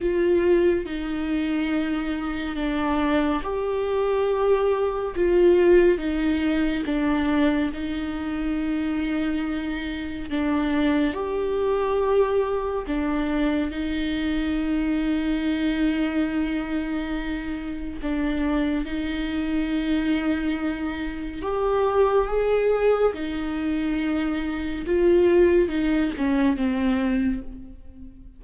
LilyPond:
\new Staff \with { instrumentName = "viola" } { \time 4/4 \tempo 4 = 70 f'4 dis'2 d'4 | g'2 f'4 dis'4 | d'4 dis'2. | d'4 g'2 d'4 |
dis'1~ | dis'4 d'4 dis'2~ | dis'4 g'4 gis'4 dis'4~ | dis'4 f'4 dis'8 cis'8 c'4 | }